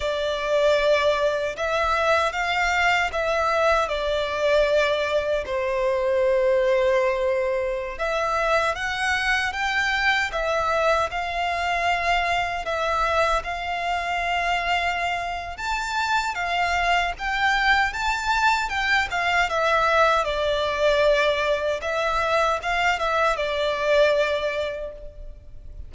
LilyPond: \new Staff \with { instrumentName = "violin" } { \time 4/4 \tempo 4 = 77 d''2 e''4 f''4 | e''4 d''2 c''4~ | c''2~ c''16 e''4 fis''8.~ | fis''16 g''4 e''4 f''4.~ f''16~ |
f''16 e''4 f''2~ f''8. | a''4 f''4 g''4 a''4 | g''8 f''8 e''4 d''2 | e''4 f''8 e''8 d''2 | }